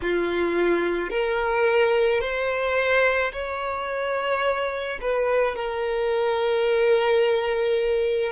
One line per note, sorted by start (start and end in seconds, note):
0.01 1.10 F4
1.10 2.20 A#4
2.20 3.31 C5
3.32 4.98 C#5
5.01 5.56 B4
5.56 8.32 A#4